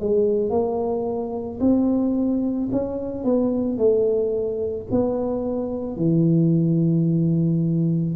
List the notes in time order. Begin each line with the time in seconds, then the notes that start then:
0.00 G#3
0.50 A#3
1.61 C4
2.72 C#4
3.25 B3
3.78 A3
4.91 B3
5.97 E3